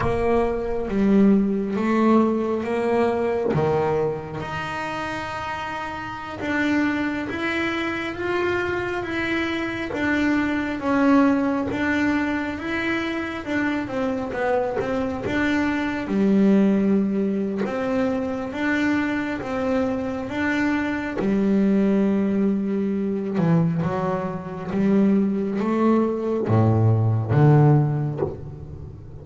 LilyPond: \new Staff \with { instrumentName = "double bass" } { \time 4/4 \tempo 4 = 68 ais4 g4 a4 ais4 | dis4 dis'2~ dis'16 d'8.~ | d'16 e'4 f'4 e'4 d'8.~ | d'16 cis'4 d'4 e'4 d'8 c'16~ |
c'16 b8 c'8 d'4 g4.~ g16 | c'4 d'4 c'4 d'4 | g2~ g8 e8 fis4 | g4 a4 a,4 d4 | }